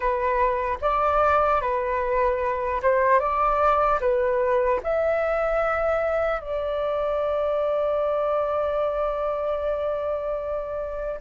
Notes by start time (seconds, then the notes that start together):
0.00 B4
0.81 D5
1.61 B4
2.82 C5
3.19 D5
4.00 B4
4.83 E5
6.40 D5